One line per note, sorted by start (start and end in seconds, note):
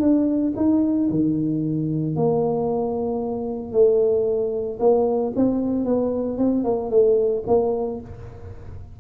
0.00 0.53 D4
0.56 1.09 D#4
1.10 2.16 D#3
2.16 3.72 A#3
3.72 4.78 A3
4.79 5.32 A#3
5.36 5.85 C4
5.85 6.38 B3
6.38 6.63 C4
6.63 6.90 A#3
6.90 7.43 A3
7.47 8.00 A#3